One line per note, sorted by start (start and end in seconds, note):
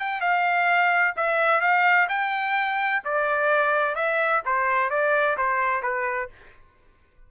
0.00 0.21 G5
0.21 1.15 F5
1.17 1.61 E5
1.61 2.08 F5
2.09 3.03 G5
3.05 3.95 D5
3.95 4.42 E5
4.46 4.90 C5
4.90 5.37 D5
5.37 5.83 C5
5.83 6.29 B4